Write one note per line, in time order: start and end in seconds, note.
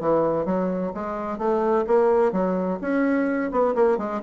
0.00 0.45 E3
0.45 0.92 F#3
0.94 1.38 G#3
1.38 1.85 A3
1.87 2.32 A#3
2.32 2.79 F#3
2.81 3.51 C#4
3.51 3.75 B3
3.75 3.97 A#3
3.97 4.21 G#3